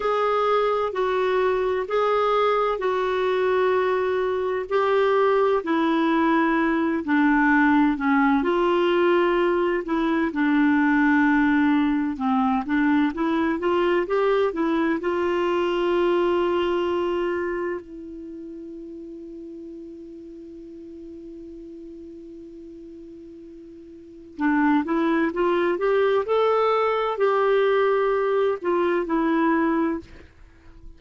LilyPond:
\new Staff \with { instrumentName = "clarinet" } { \time 4/4 \tempo 4 = 64 gis'4 fis'4 gis'4 fis'4~ | fis'4 g'4 e'4. d'8~ | d'8 cis'8 f'4. e'8 d'4~ | d'4 c'8 d'8 e'8 f'8 g'8 e'8 |
f'2. e'4~ | e'1~ | e'2 d'8 e'8 f'8 g'8 | a'4 g'4. f'8 e'4 | }